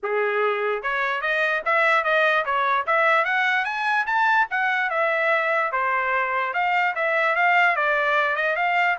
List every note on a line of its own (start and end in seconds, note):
0.02 0.82 G#4
0.82 1.21 C#5
1.21 1.62 D#5
1.65 2.04 E5
2.04 2.44 D#5
2.45 2.86 C#5
2.86 3.24 E5
3.24 3.65 F#5
3.65 4.05 G#5
4.06 4.47 A5
4.50 4.90 F#5
4.90 5.71 E5
5.72 6.53 C5
6.53 6.94 F5
6.95 7.35 E5
7.35 7.76 F5
7.76 8.36 D5
8.36 8.56 D#5
8.56 8.97 F5